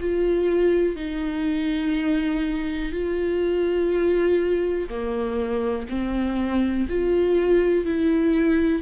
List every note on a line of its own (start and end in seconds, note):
0.00 0.96 F4
0.96 2.92 D#4
2.92 4.89 F4
4.89 5.87 A#3
5.89 6.88 C4
6.89 7.86 F4
7.86 8.83 E4